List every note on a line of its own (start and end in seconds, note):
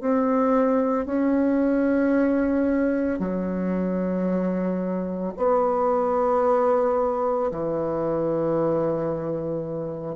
0.00 1.06 C4
1.06 3.19 C#4
3.19 5.33 F#3
5.37 7.51 B3
7.51 10.15 E3